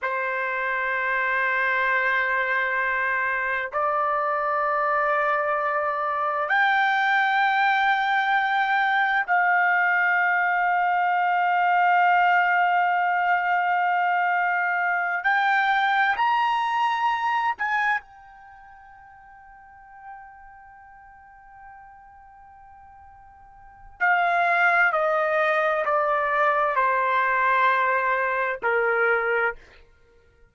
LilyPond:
\new Staff \with { instrumentName = "trumpet" } { \time 4/4 \tempo 4 = 65 c''1 | d''2. g''4~ | g''2 f''2~ | f''1~ |
f''8 g''4 ais''4. gis''8 g''8~ | g''1~ | g''2 f''4 dis''4 | d''4 c''2 ais'4 | }